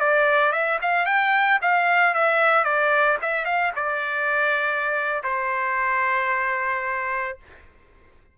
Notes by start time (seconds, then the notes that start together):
0.00 D5
0.53 E5
0.82 F5
1.06 G5
1.62 F5
2.15 E5
2.64 D5
3.22 E5
3.45 F5
3.76 D5
5.24 C5